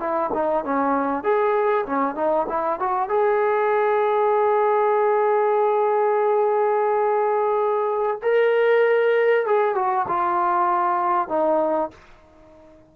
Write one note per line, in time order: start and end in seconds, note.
0.00 0.31 E4
0.34 0.65 D#4
0.65 1.24 C#4
1.24 1.86 G#4
1.86 2.16 C#4
2.16 2.47 D#4
2.49 2.80 E4
2.80 3.09 F#4
3.09 8.19 G#4
8.23 9.46 A#4
9.46 9.75 G#4
9.75 10.06 F#4
10.09 11.29 F4
11.29 11.90 D#4